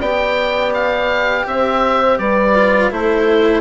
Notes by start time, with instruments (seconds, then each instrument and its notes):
0.00 bassoon B3, cello G4, horn D5, oboe G5
0.74 oboe F5
1.46 bassoon C4, horn C5, oboe E5
2.18 bassoon G3, horn B4, oboe D5
2.55 cello F4
2.91 bassoon A3, cello E4, horn A4, oboe C5